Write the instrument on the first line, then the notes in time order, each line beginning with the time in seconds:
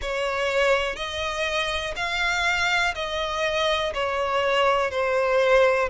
violin
0.01 C#5
0.96 D#5
1.96 F5
2.94 D#5
3.93 C#5
4.90 C5